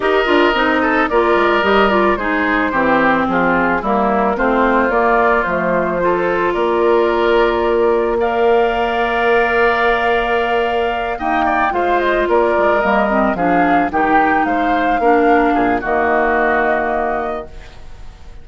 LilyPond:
<<
  \new Staff \with { instrumentName = "flute" } { \time 4/4 \tempo 4 = 110 dis''2 d''4 dis''8 d''8 | c''2 gis'4 ais'4 | c''4 d''4 c''2 | d''2. f''4~ |
f''1~ | f''8 g''4 f''8 dis''8 d''4 dis''8~ | dis''8 f''4 g''4 f''4.~ | f''4 dis''2. | }
  \new Staff \with { instrumentName = "oboe" } { \time 4/4 ais'4. a'8 ais'2 | gis'4 g'4 f'4 e'4 | f'2. a'4 | ais'2. d''4~ |
d''1~ | d''8 dis''8 d''8 c''4 ais'4.~ | ais'8 gis'4 g'4 c''4 ais'8~ | ais'8 gis'8 fis'2. | }
  \new Staff \with { instrumentName = "clarinet" } { \time 4/4 g'8 f'8 dis'4 f'4 g'8 f'8 | dis'4 c'2 ais4 | c'4 ais4 a4 f'4~ | f'2. ais'4~ |
ais'1~ | ais'8 ais4 f'2 ais8 | c'8 d'4 dis'2 d'8~ | d'4 ais2. | }
  \new Staff \with { instrumentName = "bassoon" } { \time 4/4 dis'8 d'8 c'4 ais8 gis8 g4 | gis4 e4 f4 g4 | a4 ais4 f2 | ais1~ |
ais1~ | ais8 dis'4 gis4 ais8 gis8 g8~ | g8 f4 dis4 gis4 ais8~ | ais8 ais,8 dis2. | }
>>